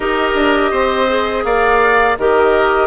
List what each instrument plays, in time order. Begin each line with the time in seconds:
0.00 bassoon D#4, clarinet G4, oboe A#4, flute D#5
0.34 bassoon D4
0.71 bassoon C4, oboe C5
1.08 clarinet G#4
1.44 bassoon A#3, oboe D5, flute F5
2.18 bassoon D#3, clarinet G4, oboe A#4, flute D#5